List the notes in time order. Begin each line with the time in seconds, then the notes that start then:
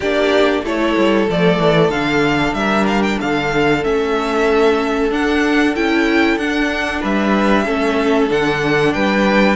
0.00 A#3 D4 G4 D5
0.63 A3 E4 A4 C#5
0.97 G3
1.29 F3 A3 D5
1.58 E3
1.89 D3 D4 F5
2.53 G3 A#4 E5
2.87 F5
3.02 G5
3.19 D3 A4 F5
3.83 A3 C#4 E5
5.10 D4 F#5
5.75 C#4 E4 G5
6.37 D4 F#5
7.00 G3 B4 E5
7.65 A3 C#4 A4
8.28 D3 D4 F#5
8.93 G3 B4 G5